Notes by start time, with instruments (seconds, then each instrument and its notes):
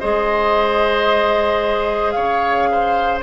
0.00 bassoon G#3, clarinet G#4, oboe C5, flute D#5
2.12 bassoon C#3, oboe C#5, flute F5
2.72 oboe C5